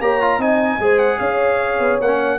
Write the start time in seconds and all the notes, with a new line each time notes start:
0.00 A#3 G4 C#5 A#5
0.21 F4
0.38 C4 D#4 D#5 G#5
0.79 G#3 G#4 C5
0.99 F#5
1.18 C#4 C#5 F5
1.79 B3
2.01 A#3 C#4 F#5